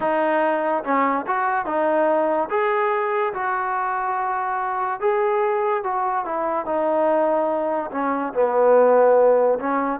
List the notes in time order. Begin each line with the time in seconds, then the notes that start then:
0.00 D#4
0.83 C#4
1.27 F#4
1.65 D#4
2.50 G#4
3.33 F#4
5.00 G#4
5.83 F#4
6.25 E4
6.65 D#4
7.91 C#4
8.33 B3
9.59 C#4